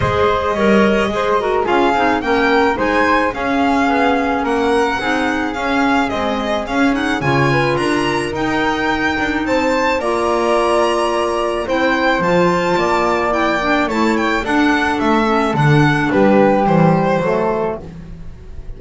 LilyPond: <<
  \new Staff \with { instrumentName = "violin" } { \time 4/4 \tempo 4 = 108 dis''2. f''4 | g''4 gis''4 f''2 | fis''2 f''4 dis''4 | f''8 fis''8 gis''4 ais''4 g''4~ |
g''4 a''4 ais''2~ | ais''4 g''4 a''2 | g''4 a''8 g''8 fis''4 e''4 | fis''4 b'4 c''2 | }
  \new Staff \with { instrumentName = "flute" } { \time 4/4 c''4 cis''4 c''8 ais'8 gis'4 | ais'4 c''4 gis'2 | ais'4 gis'2.~ | gis'4 cis''8 b'8 ais'2~ |
ais'4 c''4 d''2~ | d''4 c''2 d''4~ | d''4 cis''4 a'2~ | a'4 g'2 a'4 | }
  \new Staff \with { instrumentName = "clarinet" } { \time 4/4 gis'4 ais'4 gis'8 fis'8 f'8 dis'8 | cis'4 dis'4 cis'2~ | cis'4 dis'4 cis'4 gis4 | cis'8 dis'8 f'2 dis'4~ |
dis'2 f'2~ | f'4 e'4 f'2 | e'8 d'8 e'4 d'4. cis'8 | d'2 g4 a4 | }
  \new Staff \with { instrumentName = "double bass" } { \time 4/4 gis4 g4 gis4 cis'8 c'8 | ais4 gis4 cis'4 b4 | ais4 c'4 cis'4 c'4 | cis'4 cis4 d'4 dis'4~ |
dis'8 d'8 c'4 ais2~ | ais4 c'4 f4 ais4~ | ais4 a4 d'4 a4 | d4 g4 e4 fis4 | }
>>